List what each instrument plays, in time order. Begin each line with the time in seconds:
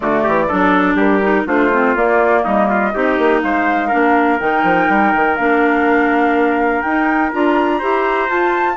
0.00 bassoon D3, clarinet A3, trumpet F#4, flute D5
0.23 bassoon E3, trumpet G4
0.48 bassoon F#3, clarinet D4, trumpet A4
0.95 bassoon G3, trumpet G4, flute A#4
1.22 clarinet D#4
1.46 bassoon A3, clarinet D4, trumpet F4, flute C5
1.72 clarinet C4
1.95 bassoon A#3, clarinet A#3, flute D5
2.43 bassoon G3, trumpet D#4, flute D#5
2.69 trumpet F4
2.94 bassoon C4, clarinet D#4, trumpet G4
3.17 bassoon A#3
3.42 bassoon G#3, trumpet C5, flute F5
3.87 clarinet D4, trumpet A#4
3.93 bassoon A#3
4.39 bassoon D#3, clarinet D#4, flute G5
4.63 bassoon F3
4.88 bassoon G3
5.14 bassoon D#3
5.36 bassoon A#3, clarinet D4, flute F5
6.81 bassoon D#4, clarinet D#4, flute G5
7.32 bassoon D4, clarinet F4, flute A#5
7.78 bassoon E4, clarinet G4, trumpet C5
8.28 clarinet F4, bassoon F4, flute A5